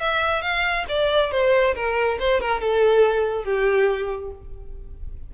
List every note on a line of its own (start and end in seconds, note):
0.00 0.42 E5
0.42 0.85 F5
0.88 1.31 D5
1.31 1.74 C5
1.75 2.18 A#4
2.19 2.41 C5
2.41 2.61 A#4
2.61 3.44 A4
3.44 4.31 G4